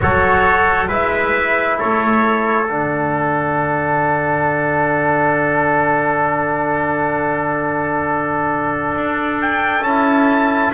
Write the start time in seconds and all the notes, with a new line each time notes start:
0.00 F#3 F#4 A4 C#5
0.88 G#3 E4 B4 E5
1.79 A3 A4 C#5
2.67 D3 D4 F#5
8.96 D4
9.41 G5
9.81 C#4 E4 A5